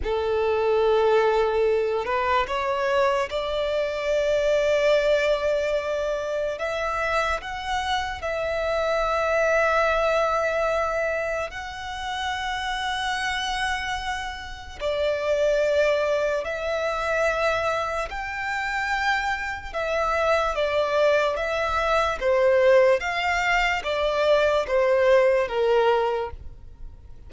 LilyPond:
\new Staff \with { instrumentName = "violin" } { \time 4/4 \tempo 4 = 73 a'2~ a'8 b'8 cis''4 | d''1 | e''4 fis''4 e''2~ | e''2 fis''2~ |
fis''2 d''2 | e''2 g''2 | e''4 d''4 e''4 c''4 | f''4 d''4 c''4 ais'4 | }